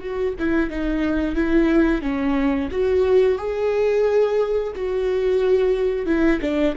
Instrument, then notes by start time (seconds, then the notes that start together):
viola
0.00 F#4
0.40 E4
0.70 D#4
1.35 E4
2.02 C#4
2.72 F#4
3.38 G#4
4.76 F#4
6.06 E4
6.42 D4